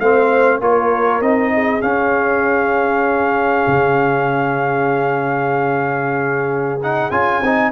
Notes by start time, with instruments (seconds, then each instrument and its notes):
0.00 tuba A3, trombone C4, horn C5, trumpet F5
0.61 tuba A#3, trombone F4, horn A#4, trumpet C#5
1.21 tuba C4, trombone D#4, trumpet D#5
1.54 horn G#4
1.81 trombone C#4, tuba C#4, trumpet F5
3.68 tuba C#3
6.83 trombone D#4, trumpet F#5
7.11 tuba C#4, trombone F4, trumpet G#5
7.42 tuba C4, trombone D#4